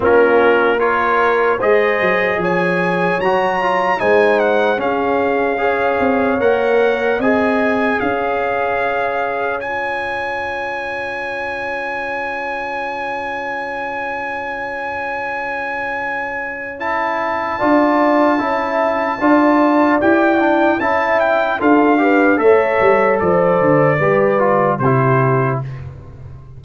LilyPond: <<
  \new Staff \with { instrumentName = "trumpet" } { \time 4/4 \tempo 4 = 75 ais'4 cis''4 dis''4 gis''4 | ais''4 gis''8 fis''8 f''2 | fis''4 gis''4 f''2 | gis''1~ |
gis''1~ | gis''4 a''2.~ | a''4 g''4 a''8 g''8 f''4 | e''4 d''2 c''4 | }
  \new Staff \with { instrumentName = "horn" } { \time 4/4 f'4 ais'4 c''4 cis''4~ | cis''4 c''4 gis'4 cis''4~ | cis''4 dis''4 cis''2~ | cis''1~ |
cis''1~ | cis''2 d''4 e''4 | d''2 e''4 a'8 b'8 | cis''4 c''4 b'4 g'4 | }
  \new Staff \with { instrumentName = "trombone" } { \time 4/4 cis'4 f'4 gis'2 | fis'8 f'8 dis'4 cis'4 gis'4 | ais'4 gis'2. | f'1~ |
f'1~ | f'4 e'4 f'4 e'4 | f'4 g'8 d'8 e'4 f'8 g'8 | a'2 g'8 f'8 e'4 | }
  \new Staff \with { instrumentName = "tuba" } { \time 4/4 ais2 gis8 fis8 f4 | fis4 gis4 cis'4. c'8 | ais4 c'4 cis'2~ | cis'1~ |
cis'1~ | cis'2 d'4 cis'4 | d'4 e'4 cis'4 d'4 | a8 g8 f8 d8 g4 c4 | }
>>